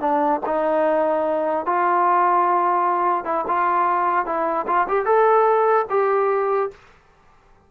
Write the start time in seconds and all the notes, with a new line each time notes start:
0.00 D4
0.46 D#4
1.65 F4
3.25 E4
3.47 F4
4.25 E4
4.67 F4
4.88 G4
5.05 A4
5.90 G4